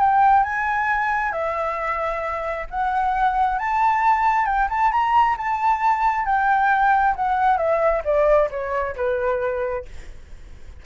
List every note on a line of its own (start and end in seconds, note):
0.00 0.44 G5
0.44 1.32 G#5
1.32 2.67 E5
2.70 3.59 F#5
3.59 4.46 A5
4.46 4.68 G5
4.70 4.92 A5
4.92 5.36 A#5
5.38 6.25 A5
6.25 7.15 G5
7.16 7.57 F#5
7.57 8.02 E5
8.05 8.49 D5
8.51 8.96 C#5
8.96 9.85 B4